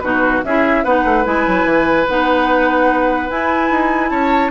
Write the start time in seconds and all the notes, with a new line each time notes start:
0.00 B2 D#4 F#4 B4
0.44 C#4 E4 G#4 E5
0.85 B3 D#4 B4 F#5
1.05 A3
1.25 G#3 E4 G#5
1.47 F#3
1.65 E3
2.08 B3 D#4 F#5
3.30 E4 G#5
3.71 D#4
4.10 C#4 C#5 A5